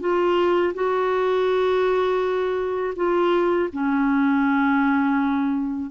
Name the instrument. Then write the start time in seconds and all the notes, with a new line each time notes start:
clarinet
0.00 F4
0.74 F#4
2.96 F4
3.73 C#4